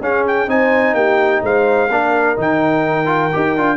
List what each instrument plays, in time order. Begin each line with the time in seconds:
0.00 tuba C#4, trombone C#4, horn G#4, trumpet F5
0.27 trumpet G5
0.47 tuba C4, trombone D#4, horn C5, trumpet G#5
0.93 tuba A#3, horn G4, trumpet G5
1.42 tuba G#3, horn C5, trumpet F5
1.88 tuba A#3, trombone D4, horn A#4
2.36 tuba D#3, trombone D#4, trumpet G5
3.05 trombone F4
3.32 tuba D#4, trombone G4
3.56 tuba D4, trombone F4